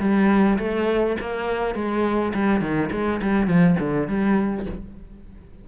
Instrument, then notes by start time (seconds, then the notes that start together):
cello
0.00 G3
0.59 A3
1.20 A#3
1.75 G#3
2.34 G3
2.61 D#3
2.92 G#3
3.22 G3
3.47 F3
3.79 D3
4.08 G3